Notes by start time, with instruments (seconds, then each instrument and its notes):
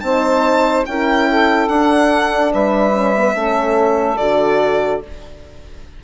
0.00 bassoon C4, horn D#4, saxophone C5, violin A5
0.85 bassoon C#4, horn E4, saxophone A#4, violin G5
1.29 saxophone A4
1.68 bassoon D4, horn D4, violin F#5
2.52 bassoon G3, saxophone B4, violin E5
2.93 horn C#4
3.17 horn B3
3.34 bassoon A3, horn C#4, saxophone A4
4.16 bassoon D3, horn F#4, violin D5